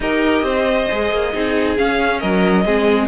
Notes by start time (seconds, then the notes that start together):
0.00 D#4 G4 A#4 D#5
0.42 C4 C5
0.90 G#3 G#4
1.11 A#3
1.33 C4 D#4 G#4
1.77 C#4 F5
2.19 F#3 A#4 D#5
2.65 G#3 C4 G#4